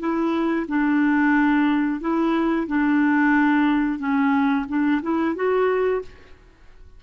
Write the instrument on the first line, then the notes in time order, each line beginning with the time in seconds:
clarinet
0.00 E4
0.69 D4
2.01 E4
2.68 D4
3.99 C#4
4.68 D4
5.03 E4
5.36 F#4